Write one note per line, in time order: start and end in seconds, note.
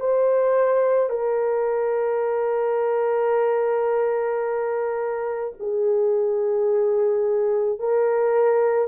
0.00 1.10 C5
1.10 5.54 A#4
5.60 7.79 G#4
7.79 8.88 A#4